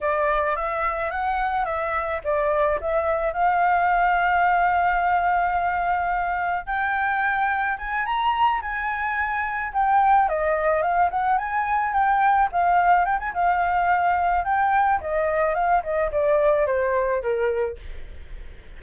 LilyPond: \new Staff \with { instrumentName = "flute" } { \time 4/4 \tempo 4 = 108 d''4 e''4 fis''4 e''4 | d''4 e''4 f''2~ | f''1 | g''2 gis''8 ais''4 gis''8~ |
gis''4. g''4 dis''4 f''8 | fis''8 gis''4 g''4 f''4 g''16 gis''16 | f''2 g''4 dis''4 | f''8 dis''8 d''4 c''4 ais'4 | }